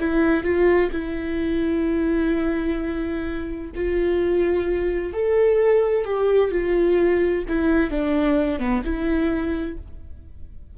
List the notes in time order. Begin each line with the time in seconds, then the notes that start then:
0.00 E4
0.44 F4
0.93 E4
3.75 F4
5.14 A4
6.05 G4
6.52 F4
7.49 E4
7.91 D4
8.59 B3
8.85 E4